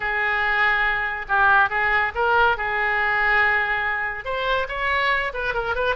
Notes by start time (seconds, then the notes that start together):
0.00 G#4
1.28 G4
1.69 G#4
2.14 A#4
2.57 G#4
4.24 C5
4.68 C#5
5.33 B4
5.53 A#4
5.75 B4